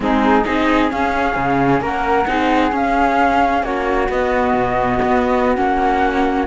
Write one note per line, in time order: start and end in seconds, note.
0.00 0.44 G#3
0.00 0.42 C4
0.00 0.45 D#4
0.00 0.44 G#4
0.44 0.92 C4
0.44 0.89 D#4
0.44 1.81 G#4
0.44 0.89 D#5
0.89 2.26 C#4
0.89 1.36 C#4
0.89 1.82 F5
1.36 1.80 C#3
1.80 2.25 A#3
1.80 2.27 A#4
1.80 2.75 F#5
2.27 2.71 C4
2.27 2.71 D#4
2.27 3.64 G#4
2.71 4.07 C#4
2.71 3.62 C#4
2.71 3.63 F5
3.62 4.08 A#3
3.62 6.47 F#4
3.62 4.09 C#5
4.08 4.53 B3
4.08 5.56 B3
4.08 5.54 D#5
4.53 4.98 B2
5.02 5.57 B3
5.54 6.47 A#3
5.54 6.46 C#4
5.54 6.45 F#5